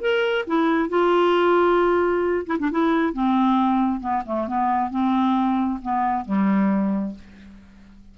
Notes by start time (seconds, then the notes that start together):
0.00 A#4
0.47 E4
0.89 F4
2.46 E4
2.59 D4
2.71 E4
3.13 C4
4.00 B3
4.25 A3
4.47 B3
4.90 C4
5.82 B3
6.25 G3